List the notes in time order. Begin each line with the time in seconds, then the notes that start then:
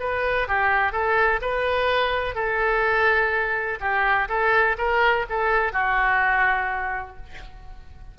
0.00 B4
0.48 G4
0.93 A4
1.42 B4
2.35 A4
3.81 G4
4.29 A4
4.78 A#4
5.30 A4
5.73 F#4